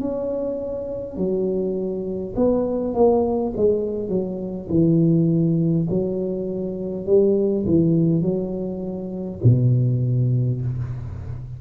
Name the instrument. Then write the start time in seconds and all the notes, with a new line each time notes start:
tuba
0.00 C#4
1.17 F#3
2.36 B3
2.94 A#3
3.56 G#3
4.09 F#3
4.69 E3
5.89 F#3
7.06 G3
7.66 E3
8.21 F#3
9.43 B2